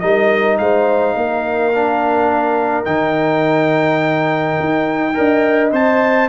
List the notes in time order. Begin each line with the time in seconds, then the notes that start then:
0.00 G3 D#4 A#4 D#5
0.58 G#3 C5 F5
1.15 A#3 A#4
1.73 D4
2.84 D#3 D#4 G5
4.60 D#4
5.14 D4 A#4 D#5
5.72 C4 C5 A5